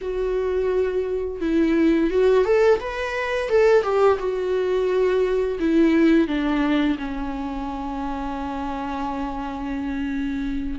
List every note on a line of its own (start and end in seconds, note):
0.01 1.40 F#4
1.40 2.10 E4
2.10 2.44 F#4
2.44 2.79 A4
2.79 3.49 B4
3.49 3.82 A4
3.82 4.17 G4
4.19 5.58 F#4
5.59 6.27 E4
6.27 6.97 D4
6.98 10.79 C#4